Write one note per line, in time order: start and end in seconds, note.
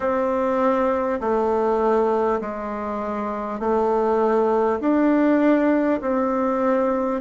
0.00 1.20 C4
1.20 2.40 A3
2.41 3.59 G#3
3.59 4.79 A3
4.80 6.00 D4
6.01 7.21 C4